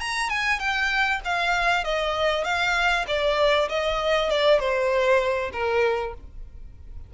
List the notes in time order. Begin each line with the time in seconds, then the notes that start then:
0.00 A#5
0.29 G#5
0.59 G5
1.24 F5
1.84 D#5
2.44 F5
3.07 D5
3.69 D#5
4.29 D5
4.59 C5
5.52 A#4